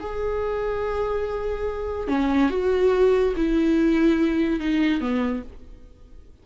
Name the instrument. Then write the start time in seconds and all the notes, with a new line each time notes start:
viola
0.00 G#4
2.08 C#4
2.50 F#4
3.36 E4
4.60 D#4
5.01 B3